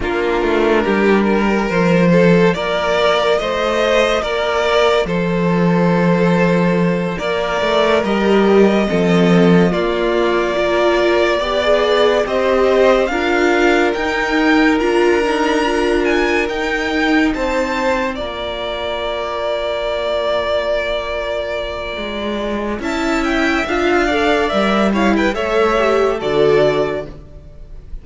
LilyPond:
<<
  \new Staff \with { instrumentName = "violin" } { \time 4/4 \tempo 4 = 71 ais'2 c''4 d''4 | dis''4 d''4 c''2~ | c''8 d''4 dis''2 d''8~ | d''2~ d''8 dis''4 f''8~ |
f''8 g''4 ais''4. gis''8 g''8~ | g''8 a''4 ais''2~ ais''8~ | ais''2. a''8 g''8 | f''4 e''8 f''16 g''16 e''4 d''4 | }
  \new Staff \with { instrumentName = "violin" } { \time 4/4 f'4 g'8 ais'4 a'8 ais'4 | c''4 ais'4 a'2~ | a'8 ais'2 a'4 f'8~ | f'8 ais'4 d''4 c''4 ais'8~ |
ais'1~ | ais'8 c''4 d''2~ d''8~ | d''2. e''4~ | e''8 d''4 cis''16 b'16 cis''4 a'4 | }
  \new Staff \with { instrumentName = "viola" } { \time 4/4 d'2 f'2~ | f'1~ | f'4. g'4 c'4 ais8~ | ais8 f'4 g'16 gis'8. g'4 f'8~ |
f'8 dis'4 f'8 dis'8 f'4 dis'8~ | dis'4. f'2~ f'8~ | f'2. e'4 | f'8 a'8 ais'8 e'8 a'8 g'8 fis'4 | }
  \new Staff \with { instrumentName = "cello" } { \time 4/4 ais8 a8 g4 f4 ais4 | a4 ais4 f2~ | f8 ais8 a8 g4 f4 ais8~ | ais4. b4 c'4 d'8~ |
d'8 dis'4 d'2 dis'8~ | dis'8 c'4 ais2~ ais8~ | ais2 gis4 cis'4 | d'4 g4 a4 d4 | }
>>